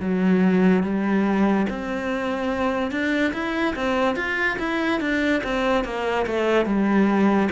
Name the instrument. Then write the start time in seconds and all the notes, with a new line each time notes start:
cello
0.00 F#3
0.83 G3
1.69 C4
2.91 D4
3.33 E4
3.76 C4
4.16 F4
4.59 E4
5.00 D4
5.43 C4
5.84 A#3
6.26 A3
6.66 G3